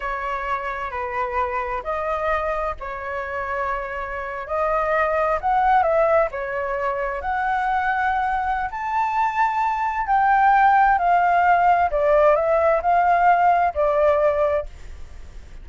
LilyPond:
\new Staff \with { instrumentName = "flute" } { \time 4/4 \tempo 4 = 131 cis''2 b'2 | dis''2 cis''2~ | cis''4.~ cis''16 dis''2 fis''16~ | fis''8. e''4 cis''2 fis''16~ |
fis''2. a''4~ | a''2 g''2 | f''2 d''4 e''4 | f''2 d''2 | }